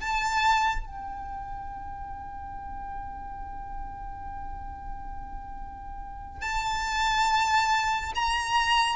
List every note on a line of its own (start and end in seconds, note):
0.00 0.85 A5
0.85 6.41 G5
6.41 8.12 A5
8.15 8.96 A#5